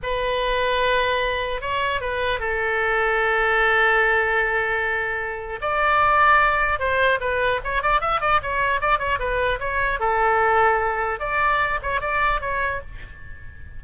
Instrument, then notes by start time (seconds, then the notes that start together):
oboe
0.03 B4
1.61 C#5
2.00 B4
2.39 A4
5.61 D5
6.79 C5
7.20 B4
7.63 C#5
7.82 D5
8.00 E5
8.21 D5
8.42 C#5
8.80 D5
8.98 C#5
9.19 B4
9.59 C#5
9.99 A4
11.19 D5
11.82 C#5
12.00 D5
12.40 C#5